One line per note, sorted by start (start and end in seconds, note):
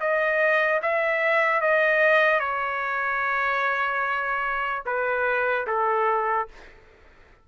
0.00 0.81 D#5
0.82 1.61 E5
1.61 2.40 D#5
2.40 4.83 C#5
4.86 5.67 B4
5.67 6.48 A4